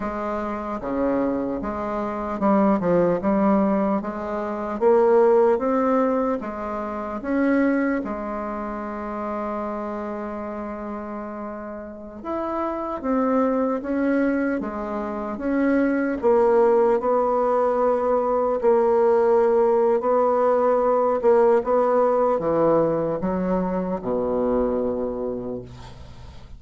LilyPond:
\new Staff \with { instrumentName = "bassoon" } { \time 4/4 \tempo 4 = 75 gis4 cis4 gis4 g8 f8 | g4 gis4 ais4 c'4 | gis4 cis'4 gis2~ | gis2.~ gis16 e'8.~ |
e'16 c'4 cis'4 gis4 cis'8.~ | cis'16 ais4 b2 ais8.~ | ais4 b4. ais8 b4 | e4 fis4 b,2 | }